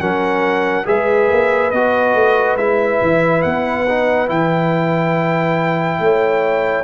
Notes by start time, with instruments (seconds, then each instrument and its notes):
0.00 tuba F#3, trombone C#4, horn A#4, trumpet F#5
0.85 tuba G#3, trombone G#4, horn B4, trumpet E5
1.29 tuba A#3
1.71 tuba B3, trombone F#4, trumpet D#5
2.14 tuba A3
2.56 tuba G#3, trombone E4, trumpet E5
3.01 tuba E3
3.42 tuba B3, trumpet F#5
3.88 trombone D#4
4.27 tuba E3, trombone E4, trumpet G5
6.00 tuba A3, horn C#5